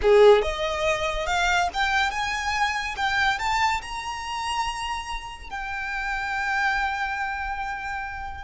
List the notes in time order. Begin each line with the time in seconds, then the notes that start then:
0.02 G#4
0.42 D#5
1.26 F5
1.73 G5
2.10 G#5
2.96 G5
3.38 A5
3.81 A#5
5.50 G5